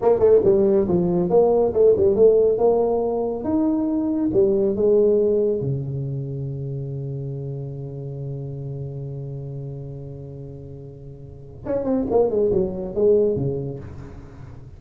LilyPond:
\new Staff \with { instrumentName = "tuba" } { \time 4/4 \tempo 4 = 139 ais8 a8 g4 f4 ais4 | a8 g8 a4 ais2 | dis'2 g4 gis4~ | gis4 cis2.~ |
cis1~ | cis1~ | cis2. cis'8 c'8 | ais8 gis8 fis4 gis4 cis4 | }